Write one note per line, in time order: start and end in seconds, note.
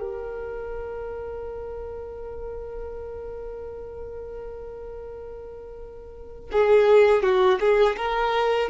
0.00 6.51 A#4
6.52 7.23 G#4
7.23 7.59 F#4
7.60 7.96 G#4
7.97 8.69 A#4